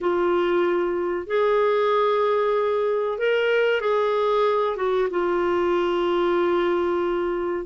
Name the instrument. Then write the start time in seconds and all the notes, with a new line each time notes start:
clarinet
0.01 F4
1.26 G#4
3.18 A#4
3.80 G#4
4.76 F#4
5.10 F4